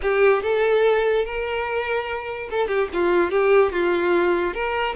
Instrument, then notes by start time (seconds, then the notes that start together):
violin
0.02 G4
0.42 A4
1.25 A#4
2.50 A4
2.67 G4
2.93 F4
3.30 G4
3.72 F4
4.53 A#4